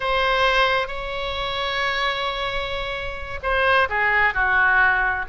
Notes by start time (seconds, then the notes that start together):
0.00 C5
0.87 C#5
3.42 C5
3.89 G#4
4.33 F#4